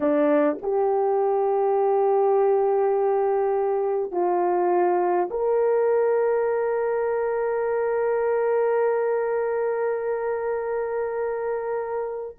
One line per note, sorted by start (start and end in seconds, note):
0.00 0.57 D4
0.61 4.11 G4
4.11 5.29 F4
5.30 12.36 A#4